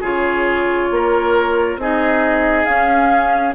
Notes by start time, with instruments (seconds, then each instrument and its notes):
0.00 bassoon C#3, clarinet F4, oboe G#4, flute C#5
0.90 bassoon A#3, oboe A#4
1.76 bassoon C4, clarinet D#4, oboe G#4, flute D#5
2.65 bassoon C#4, clarinet C#4, flute F5